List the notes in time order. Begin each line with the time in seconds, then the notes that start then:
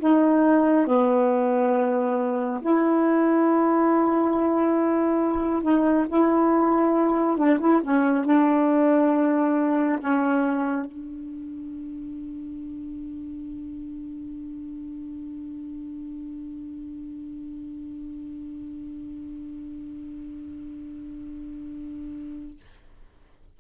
0.00 D#4
0.87 B3
2.62 E4
5.63 D#4
6.09 E4
7.38 D4
7.60 E4
7.84 C#4
8.26 D4
10.01 C#4
10.86 D4